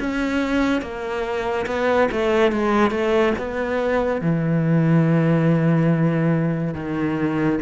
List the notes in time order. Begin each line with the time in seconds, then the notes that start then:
0.00 C#4
0.82 A#3
1.67 B3
2.12 A3
2.52 G#3
2.91 A3
3.38 B3
4.22 E3
6.75 D#3